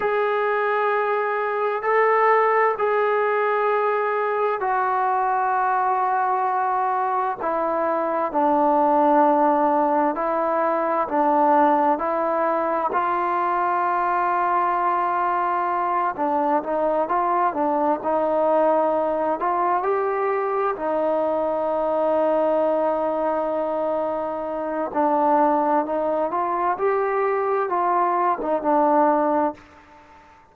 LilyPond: \new Staff \with { instrumentName = "trombone" } { \time 4/4 \tempo 4 = 65 gis'2 a'4 gis'4~ | gis'4 fis'2. | e'4 d'2 e'4 | d'4 e'4 f'2~ |
f'4. d'8 dis'8 f'8 d'8 dis'8~ | dis'4 f'8 g'4 dis'4.~ | dis'2. d'4 | dis'8 f'8 g'4 f'8. dis'16 d'4 | }